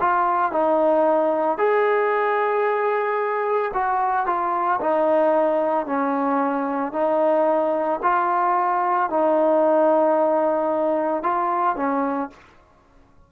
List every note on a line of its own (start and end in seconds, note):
0.00 0.51 F4
0.51 1.57 D#4
1.57 3.72 G#4
3.74 4.26 F#4
4.26 4.80 F4
4.80 5.86 D#4
5.86 6.92 C#4
6.92 7.99 D#4
8.03 9.09 F4
9.09 11.23 D#4
11.23 11.76 F4
11.76 12.30 C#4